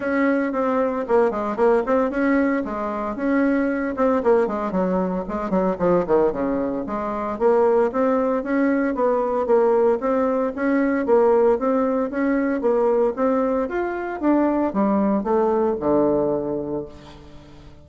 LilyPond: \new Staff \with { instrumentName = "bassoon" } { \time 4/4 \tempo 4 = 114 cis'4 c'4 ais8 gis8 ais8 c'8 | cis'4 gis4 cis'4. c'8 | ais8 gis8 fis4 gis8 fis8 f8 dis8 | cis4 gis4 ais4 c'4 |
cis'4 b4 ais4 c'4 | cis'4 ais4 c'4 cis'4 | ais4 c'4 f'4 d'4 | g4 a4 d2 | }